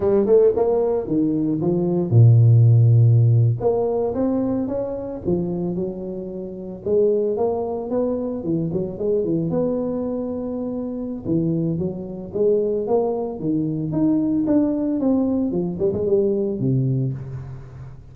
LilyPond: \new Staff \with { instrumentName = "tuba" } { \time 4/4 \tempo 4 = 112 g8 a8 ais4 dis4 f4 | ais,2~ ais,8. ais4 c'16~ | c'8. cis'4 f4 fis4~ fis16~ | fis8. gis4 ais4 b4 e16~ |
e16 fis8 gis8 e8 b2~ b16~ | b4 e4 fis4 gis4 | ais4 dis4 dis'4 d'4 | c'4 f8 g16 gis16 g4 c4 | }